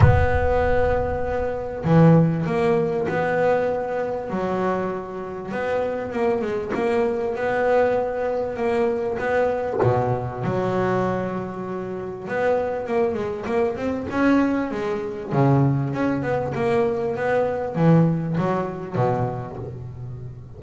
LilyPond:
\new Staff \with { instrumentName = "double bass" } { \time 4/4 \tempo 4 = 98 b2. e4 | ais4 b2 fis4~ | fis4 b4 ais8 gis8 ais4 | b2 ais4 b4 |
b,4 fis2. | b4 ais8 gis8 ais8 c'8 cis'4 | gis4 cis4 cis'8 b8 ais4 | b4 e4 fis4 b,4 | }